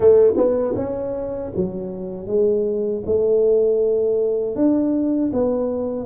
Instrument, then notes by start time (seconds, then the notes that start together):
tuba
0.00 A3
0.36 B3
0.76 C#4
1.56 F#3
2.26 G#3
3.06 A3
4.55 D4
5.32 B3